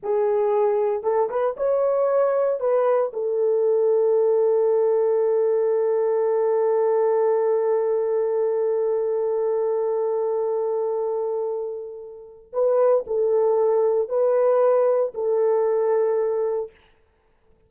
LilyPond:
\new Staff \with { instrumentName = "horn" } { \time 4/4 \tempo 4 = 115 gis'2 a'8 b'8 cis''4~ | cis''4 b'4 a'2~ | a'1~ | a'1~ |
a'1~ | a'1 | b'4 a'2 b'4~ | b'4 a'2. | }